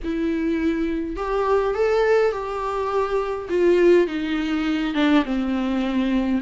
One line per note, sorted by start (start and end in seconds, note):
0.04 1.16 E4
1.16 1.74 G4
1.74 2.32 A4
2.32 3.48 G4
3.49 4.07 F4
4.07 4.94 D#4
4.94 5.23 D4
5.24 6.41 C4